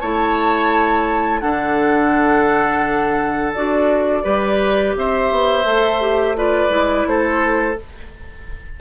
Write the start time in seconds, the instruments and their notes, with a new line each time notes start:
0.00 bassoon A3, clarinet E4, oboe C#5, flute A5
1.40 bassoon D3, clarinet D4, oboe A4, flute F#5
3.54 bassoon D4, clarinet F#4, flute D5
4.23 bassoon G3, clarinet G4, oboe B4
4.96 bassoon C4, oboe C5, flute E5
5.31 bassoon B3
5.64 bassoon A3, clarinet A4
6.01 clarinet G4
6.36 clarinet F4, oboe B4, flute D5
6.69 bassoon G#3, clarinet E4
7.06 bassoon A3, oboe A4, flute C5